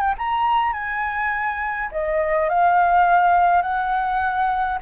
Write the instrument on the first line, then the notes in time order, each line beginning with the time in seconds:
flute
0.00 G5
0.18 A#5
0.73 G#5
1.92 D#5
2.49 F5
3.62 F#5